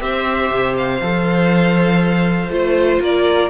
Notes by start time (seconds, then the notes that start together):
0.00 C4 G4 C5 E5
0.51 C3
0.77 F5
1.02 F3 A4
2.50 A3 F4 C5
3.01 A#3 A#4 D5